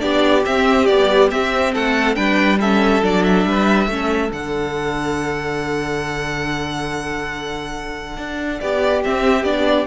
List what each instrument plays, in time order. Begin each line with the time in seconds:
0.00 cello B3, viola D4, violin G4 D5
0.45 viola C4, cello C4, violin E5
0.86 viola G3, cello B3, violin D5
1.31 cello C4, viola C4, violin E5
1.73 cello A3, violin A4 F#5
2.15 cello G3, viola D4, violin B4 G5
2.60 viola C#4, violin A4 E5
3.03 cello F#3, viola D4, violin D5
3.24 violin E5
3.45 cello G3, violin B4
3.87 cello A3, viola C#4, violin A4
4.32 cello D3, viola D4, violin F#5
8.17 cello D4
8.60 cello B3, violin G4 D5
9.03 viola C4, cello C4, violin E5
9.43 cello B3, viola D4, violin D5